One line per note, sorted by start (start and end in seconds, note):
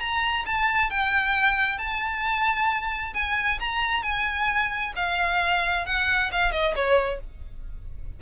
0.00 0.45 A#5
0.46 0.90 A5
0.90 1.78 G5
1.78 3.14 A5
3.14 3.59 G#5
3.60 4.03 A#5
4.03 4.93 G#5
4.96 5.86 F5
5.86 6.31 F#5
6.32 6.52 F5
6.52 6.74 D#5
6.75 7.20 C#5